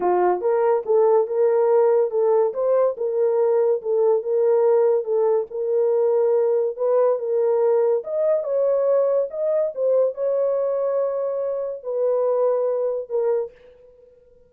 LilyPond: \new Staff \with { instrumentName = "horn" } { \time 4/4 \tempo 4 = 142 f'4 ais'4 a'4 ais'4~ | ais'4 a'4 c''4 ais'4~ | ais'4 a'4 ais'2 | a'4 ais'2. |
b'4 ais'2 dis''4 | cis''2 dis''4 c''4 | cis''1 | b'2. ais'4 | }